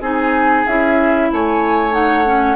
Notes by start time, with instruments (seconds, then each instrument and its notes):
0.00 bassoon C4, clarinet D#4, oboe G#4, flute G#5
0.67 bassoon C#4, clarinet E4, flute E5
1.32 bassoon A3, oboe C#5, flute G#5
1.91 clarinet D#4, flute F#5
2.25 clarinet C#4